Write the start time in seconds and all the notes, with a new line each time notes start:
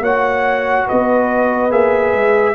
0.00 A#3 F#4 C#5 F#5
0.87 B3 B4 D#5
1.71 A#3 G#4 E5
2.13 G#3